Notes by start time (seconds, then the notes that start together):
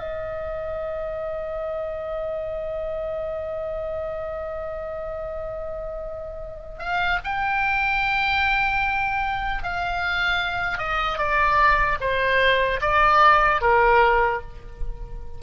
0.00 D#5
6.79 F5
7.24 G5
9.63 F5
10.78 D#5
11.19 D5
12.01 C5
12.81 D5
13.61 A#4